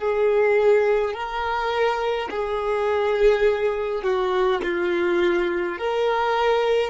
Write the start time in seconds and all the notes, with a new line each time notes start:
0.00 G#4
1.14 A#4
2.31 G#4
4.04 F#4
4.64 F4
5.78 A#4